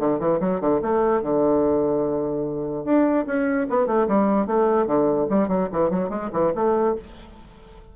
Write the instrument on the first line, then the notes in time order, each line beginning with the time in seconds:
bassoon
0.00 D3
0.20 E3
0.41 F#3
0.61 D3
0.82 A3
1.23 D3
2.85 D4
3.27 C#4
3.71 B3
3.87 A3
4.08 G3
4.47 A3
4.87 D3
5.30 G3
5.49 F#3
5.73 E3
5.91 F#3
6.10 G#3
6.33 E3
6.55 A3